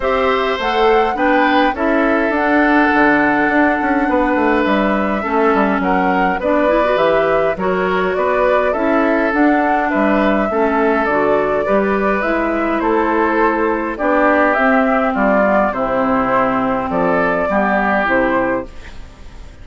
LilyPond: <<
  \new Staff \with { instrumentName = "flute" } { \time 4/4 \tempo 4 = 103 e''4 fis''4 g''4 e''4 | fis''1 | e''2 fis''4 d''4 | e''4 cis''4 d''4 e''4 |
fis''4 e''2 d''4~ | d''4 e''4 c''2 | d''4 e''4 d''4 c''4~ | c''4 d''2 c''4 | }
  \new Staff \with { instrumentName = "oboe" } { \time 4/4 c''2 b'4 a'4~ | a'2. b'4~ | b'4 a'4 ais'4 b'4~ | b'4 ais'4 b'4 a'4~ |
a'4 b'4 a'2 | b'2 a'2 | g'2 f'4 e'4~ | e'4 a'4 g'2 | }
  \new Staff \with { instrumentName = "clarinet" } { \time 4/4 g'4 a'4 d'4 e'4 | d'1~ | d'4 cis'2 d'8 e'16 fis'16 | g'4 fis'2 e'4 |
d'2 cis'4 fis'4 | g'4 e'2. | d'4 c'4. b8 c'4~ | c'2 b4 e'4 | }
  \new Staff \with { instrumentName = "bassoon" } { \time 4/4 c'4 a4 b4 cis'4 | d'4 d4 d'8 cis'8 b8 a8 | g4 a8 g8 fis4 b4 | e4 fis4 b4 cis'4 |
d'4 g4 a4 d4 | g4 gis4 a2 | b4 c'4 g4 c4~ | c4 f4 g4 c4 | }
>>